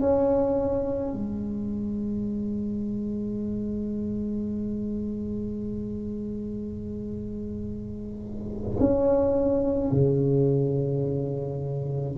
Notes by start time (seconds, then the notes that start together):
0.00 C#4
1.13 G#3
8.80 C#4
9.92 C#3